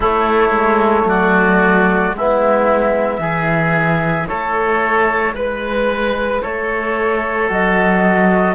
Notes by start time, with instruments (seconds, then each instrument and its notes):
0.00 trombone A3, cello A3, oboe E4, flute C#5
0.50 cello G#3
1.04 cello F#3, oboe F#4, flute D5
2.11 cello G#3, oboe E4, flute E5
2.19 trombone B3
3.18 cello E3, trombone E4, oboe G#4
4.27 cello A3, oboe A4, flute C#5
5.33 cello G#3, oboe B4, flute B4
6.42 cello A3, oboe A4, flute C#5
7.48 cello F#3, trombone F#4, flute D#5